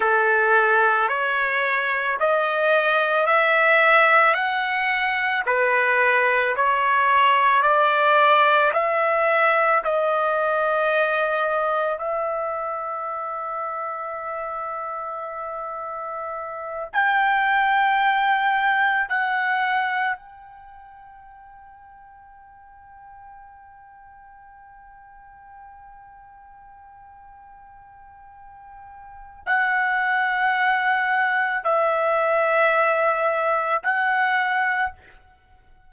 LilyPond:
\new Staff \with { instrumentName = "trumpet" } { \time 4/4 \tempo 4 = 55 a'4 cis''4 dis''4 e''4 | fis''4 b'4 cis''4 d''4 | e''4 dis''2 e''4~ | e''2.~ e''8 g''8~ |
g''4. fis''4 g''4.~ | g''1~ | g''2. fis''4~ | fis''4 e''2 fis''4 | }